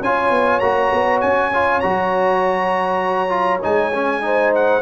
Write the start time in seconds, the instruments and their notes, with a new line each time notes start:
0.00 tuba C#4, trombone F4, horn C#5, trumpet G#5
0.30 tuba B3
0.59 tuba A#3, trombone F#4, trumpet A#5
0.92 tuba B3
1.20 tuba C#4, trumpet G#5
1.53 trombone F4
1.80 tuba F#3, trombone F#4, trumpet A#5
3.29 trombone F4
3.62 tuba G#3, trombone D#4, trumpet G#5
3.94 trombone C#4
4.21 trombone D#4, horn C5
4.54 trumpet F#5